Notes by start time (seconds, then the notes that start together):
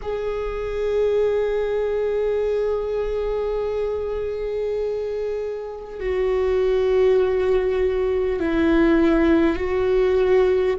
0.02 G#4
6.00 F#4
8.39 E4
9.56 F#4